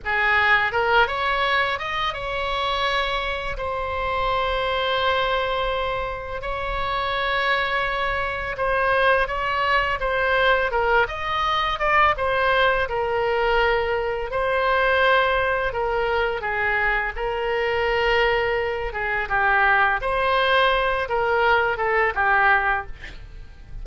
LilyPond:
\new Staff \with { instrumentName = "oboe" } { \time 4/4 \tempo 4 = 84 gis'4 ais'8 cis''4 dis''8 cis''4~ | cis''4 c''2.~ | c''4 cis''2. | c''4 cis''4 c''4 ais'8 dis''8~ |
dis''8 d''8 c''4 ais'2 | c''2 ais'4 gis'4 | ais'2~ ais'8 gis'8 g'4 | c''4. ais'4 a'8 g'4 | }